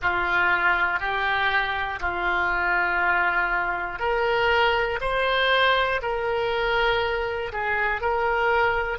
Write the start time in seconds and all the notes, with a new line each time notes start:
0.01 F4
1.00 G4
2.00 F4
3.99 A#4
5.00 C5
6.01 A#4
7.52 G#4
8.00 A#4